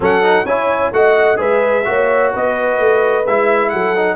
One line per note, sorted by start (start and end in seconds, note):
0.00 0.44 F#3
0.00 0.22 C#4
0.00 0.45 A4
0.00 0.45 F#5
0.22 0.45 D#4
0.44 0.90 C#4
0.44 0.93 E4
0.44 0.92 C#5
0.44 0.92 G#5
0.91 1.38 A3
0.91 1.36 F#4
0.91 1.39 D#5
0.91 1.39 F#5
1.36 1.85 G#3
1.36 1.82 G#4
1.36 1.85 B4
1.36 2.33 E5
1.84 2.34 A#3
1.84 3.24 F#4
1.84 2.32 C#5
2.32 2.79 B3
2.32 3.72 B4
2.32 3.26 D#5
2.79 3.25 A3
3.26 3.72 G#3
3.26 3.96 E4
3.26 3.69 E5
3.69 4.16 F#3
3.69 4.16 A4
3.69 4.16 F#5
3.96 4.16 D#4